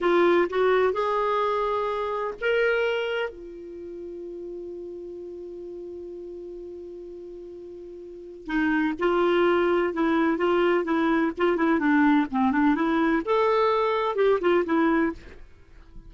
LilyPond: \new Staff \with { instrumentName = "clarinet" } { \time 4/4 \tempo 4 = 127 f'4 fis'4 gis'2~ | gis'4 ais'2 f'4~ | f'1~ | f'1~ |
f'2 dis'4 f'4~ | f'4 e'4 f'4 e'4 | f'8 e'8 d'4 c'8 d'8 e'4 | a'2 g'8 f'8 e'4 | }